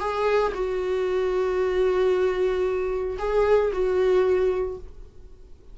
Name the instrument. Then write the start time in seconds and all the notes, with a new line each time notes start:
viola
0.00 G#4
0.54 F#4
3.19 G#4
3.73 F#4